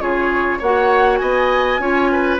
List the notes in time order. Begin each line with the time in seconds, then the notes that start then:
0.00 C#3 F4 G#4 C#5
0.59 A#3 F#4 C#5 F#5
1.17 B3 D#5 G#5
1.79 C#4 F4 C#5
2.12 B4